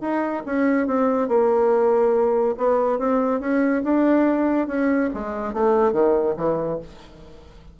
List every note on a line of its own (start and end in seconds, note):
0.00 0.42 D#4
0.46 0.87 C#4
0.87 1.28 C4
1.28 2.55 A#3
2.57 2.98 B3
2.98 3.40 C4
3.40 3.82 C#4
3.83 4.67 D4
4.67 5.09 C#4
5.13 5.53 G#3
5.53 5.92 A3
5.92 6.34 D#3
6.36 6.78 E3